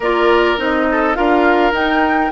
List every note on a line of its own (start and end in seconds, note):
0.00 0.56 A#3
0.00 0.57 F4
0.00 0.86 A#4
0.00 0.59 D5
0.57 1.16 C4
0.57 1.15 D#4
0.57 1.14 D#5
0.91 1.17 A4
1.14 1.72 D4
1.14 1.72 F4
1.14 2.31 A#4
1.14 1.72 F5
1.72 2.30 D#4
1.72 2.31 D#4
1.72 2.31 G5